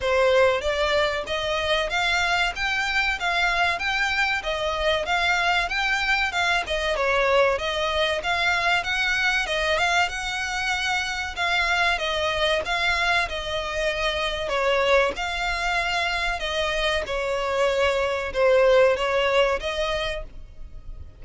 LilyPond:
\new Staff \with { instrumentName = "violin" } { \time 4/4 \tempo 4 = 95 c''4 d''4 dis''4 f''4 | g''4 f''4 g''4 dis''4 | f''4 g''4 f''8 dis''8 cis''4 | dis''4 f''4 fis''4 dis''8 f''8 |
fis''2 f''4 dis''4 | f''4 dis''2 cis''4 | f''2 dis''4 cis''4~ | cis''4 c''4 cis''4 dis''4 | }